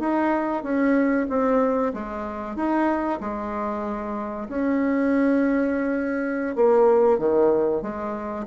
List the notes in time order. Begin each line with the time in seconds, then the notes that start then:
0.00 D#4
0.64 C#4
1.30 C4
1.94 G#3
2.56 D#4
3.21 G#3
4.49 C#4
6.56 A#3
7.19 D#3
7.82 G#3